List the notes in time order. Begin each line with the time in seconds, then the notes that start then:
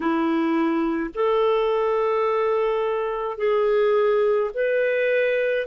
0.00 E4
1.14 A4
3.37 G#4
4.53 B4